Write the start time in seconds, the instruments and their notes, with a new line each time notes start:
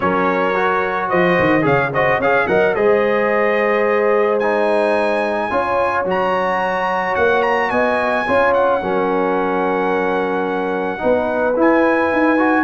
0.00 tuba F#3, trombone C#4, horn A#4, trumpet C#5
0.55 trombone F#4
1.08 tuba F3, horn C5, trumpet D#5
1.39 tuba D#3
1.61 tuba C#3, trombone G#4, horn C#5, trumpet F5
1.93 trombone F#4, horn C5, trumpet D#5
2.19 tuba C#4, trombone G#4, horn C#5, trumpet F5
2.47 tuba F#3, trombone A#4, horn D#5, trumpet F#5
2.75 tuba G#3, trombone G#4, horn C5, trumpet D#5
4.39 trombone D#4, trumpet G#5
5.50 tuba C#4, trombone F4, horn C#5
6.05 tuba F#3, trombone F#4, trumpet A#5
7.15 tuba A#3, trumpet F#5
7.42 trumpet A#5
7.70 tuba B3, horn D#5, trumpet G#5
8.26 tuba C#4, trombone F4, horn C#5
8.53 trumpet F#5
8.81 tuba F#3, trombone C#4, horn A#4
10.98 tuba B3, trombone D#4, horn B4
11.56 trombone E4, tuba E4, trumpet G#5
12.11 tuba D#4
12.38 trombone F#4